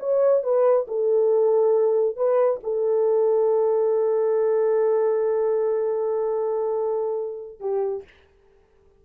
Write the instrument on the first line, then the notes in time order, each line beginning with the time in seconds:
horn
0.00 C#5
0.44 B4
0.88 A4
2.17 B4
2.64 A4
7.61 G4